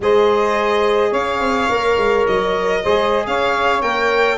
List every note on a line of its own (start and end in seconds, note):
0.00 1.11 G#3
0.00 1.71 G#4
0.00 1.10 C5
0.00 1.13 D#5
1.10 1.40 C#4
1.10 2.80 C#5
1.10 2.26 F5
1.40 1.68 C4
1.68 1.97 A#3
1.68 2.84 A#4
1.97 2.25 G#3
2.26 2.84 F#3
2.26 3.25 D#5
2.83 3.26 G#3
2.83 3.81 G#4
2.83 3.25 C5
3.26 3.83 C#4
3.26 4.37 C#5
3.26 3.81 F5
3.81 4.37 A#3
3.81 4.37 A#4
3.81 4.37 G5